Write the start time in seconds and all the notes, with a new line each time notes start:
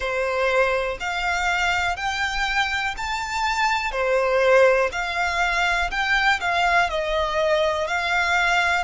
0.00 C5
1.00 F5
1.96 G5
2.97 A5
3.91 C5
4.92 F5
5.90 G5
6.40 F5
6.89 D#5
7.87 F5